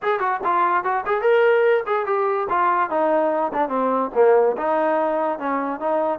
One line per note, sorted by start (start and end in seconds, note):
0.02 0.19 G#4
0.19 0.40 F#4
0.44 0.84 F4
0.84 1.04 F#4
1.06 1.21 G#4
1.21 1.83 A#4
1.86 2.06 G#4
2.06 2.47 G4
2.49 2.90 F4
2.90 3.52 D#4
3.53 3.68 D4
3.68 4.10 C4
4.15 4.56 A#3
4.57 5.38 D#4
5.38 5.79 C#4
5.79 6.19 D#4